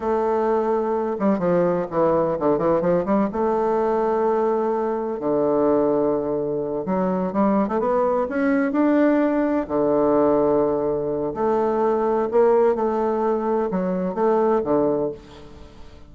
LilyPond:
\new Staff \with { instrumentName = "bassoon" } { \time 4/4 \tempo 4 = 127 a2~ a8 g8 f4 | e4 d8 e8 f8 g8 a4~ | a2. d4~ | d2~ d8 fis4 g8~ |
g16 a16 b4 cis'4 d'4.~ | d'8 d2.~ d8 | a2 ais4 a4~ | a4 fis4 a4 d4 | }